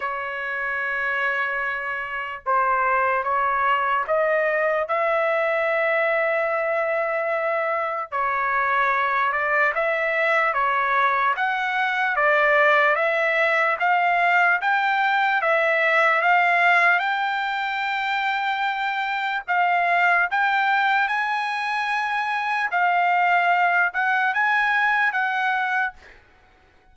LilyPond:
\new Staff \with { instrumentName = "trumpet" } { \time 4/4 \tempo 4 = 74 cis''2. c''4 | cis''4 dis''4 e''2~ | e''2 cis''4. d''8 | e''4 cis''4 fis''4 d''4 |
e''4 f''4 g''4 e''4 | f''4 g''2. | f''4 g''4 gis''2 | f''4. fis''8 gis''4 fis''4 | }